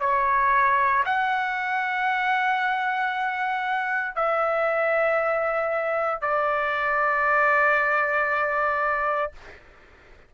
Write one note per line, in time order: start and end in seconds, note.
0.00 1.03 C#5
1.05 4.15 F#5
4.15 6.21 E5
6.21 9.32 D5